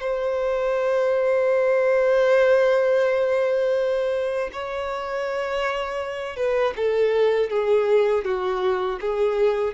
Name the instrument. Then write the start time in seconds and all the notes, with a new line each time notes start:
violin
0.00 C5
4.52 C#5
6.36 B4
6.76 A4
7.50 G#4
8.24 F#4
9.00 G#4